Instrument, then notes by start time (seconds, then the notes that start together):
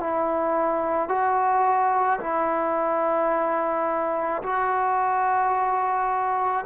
trombone
0.00 E4
1.09 F#4
2.20 E4
4.43 F#4